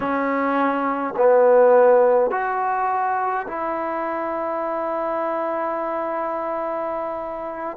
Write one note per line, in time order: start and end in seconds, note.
0.00 1.14 C#4
1.16 2.31 B3
2.31 3.46 F#4
3.47 7.77 E4